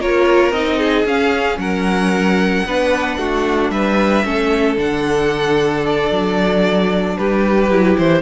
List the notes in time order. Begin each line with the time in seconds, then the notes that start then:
0.00 A#3 F4 A#4 C#5
0.52 C4 D#4 D#5
0.79 G#4
1.06 C#4 F5
1.58 F#3 A#4 F#5
2.65 B3 D4 B4
3.17 A3 F#4
3.70 G3 B4 E5
4.24 A3 C#4 A4
4.77 D3 D4 F#5
5.86 D5
6.11 F#3
7.17 G3 G4 B4
7.70 F#3 E4
7.97 E3 C5